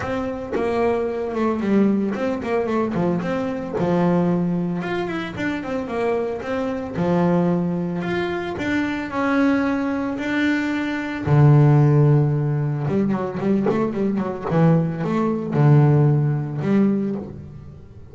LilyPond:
\new Staff \with { instrumentName = "double bass" } { \time 4/4 \tempo 4 = 112 c'4 ais4. a8 g4 | c'8 ais8 a8 f8 c'4 f4~ | f4 f'8 e'8 d'8 c'8 ais4 | c'4 f2 f'4 |
d'4 cis'2 d'4~ | d'4 d2. | g8 fis8 g8 a8 g8 fis8 e4 | a4 d2 g4 | }